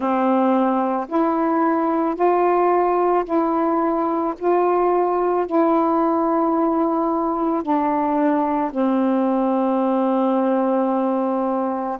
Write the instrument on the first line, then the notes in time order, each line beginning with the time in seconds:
saxophone
0.00 C4
1.08 E4
2.15 F4
3.24 E4
4.38 F4
5.46 E4
7.63 D4
8.71 C4